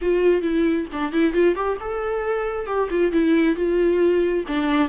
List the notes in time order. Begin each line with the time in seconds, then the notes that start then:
0.01 F4
0.41 E4
0.92 D4
1.12 E4
1.33 F4
1.55 G4
1.80 A4
2.66 G4
2.90 F4
3.12 E4
3.55 F4
4.47 D4